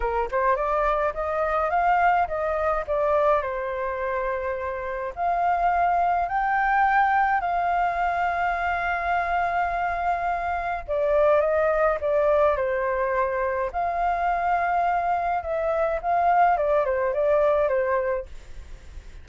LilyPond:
\new Staff \with { instrumentName = "flute" } { \time 4/4 \tempo 4 = 105 ais'8 c''8 d''4 dis''4 f''4 | dis''4 d''4 c''2~ | c''4 f''2 g''4~ | g''4 f''2.~ |
f''2. d''4 | dis''4 d''4 c''2 | f''2. e''4 | f''4 d''8 c''8 d''4 c''4 | }